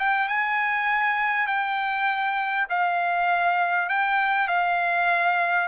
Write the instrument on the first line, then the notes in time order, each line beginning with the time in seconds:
trumpet
0.00 G5
0.29 G#5
1.47 G5
2.70 F5
3.89 G5
4.48 F5